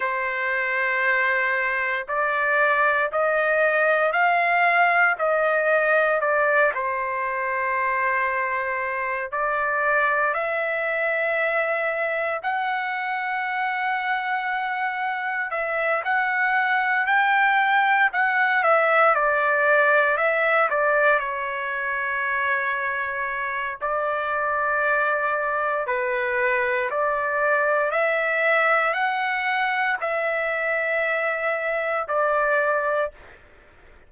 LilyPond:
\new Staff \with { instrumentName = "trumpet" } { \time 4/4 \tempo 4 = 58 c''2 d''4 dis''4 | f''4 dis''4 d''8 c''4.~ | c''4 d''4 e''2 | fis''2. e''8 fis''8~ |
fis''8 g''4 fis''8 e''8 d''4 e''8 | d''8 cis''2~ cis''8 d''4~ | d''4 b'4 d''4 e''4 | fis''4 e''2 d''4 | }